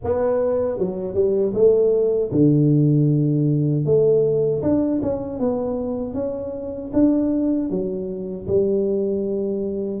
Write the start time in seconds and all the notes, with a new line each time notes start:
0.03 B3
0.78 F#3
1.14 G3
1.54 A3
2.31 D3
3.85 A3
4.62 D4
5.02 C#4
5.38 B3
6.14 C#4
6.93 D4
7.70 F#3
8.47 G3